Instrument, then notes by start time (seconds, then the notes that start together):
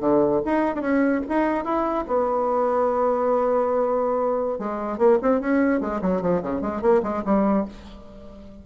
bassoon
0.00 D3
0.45 D#4
0.75 C#4 D4
1.29 D#4
1.64 E4
2.07 B3
4.58 G#3
4.98 A#3
5.21 C4
5.40 C#4
5.80 G#3
6.01 F#3
6.22 F3
6.42 C#3
6.61 G#3
6.81 A#3
7.03 G#3
7.25 G3